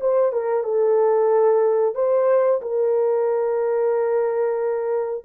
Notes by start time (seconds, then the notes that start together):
0.00 C5
0.32 A#4
0.63 A4
1.95 C5
2.61 A#4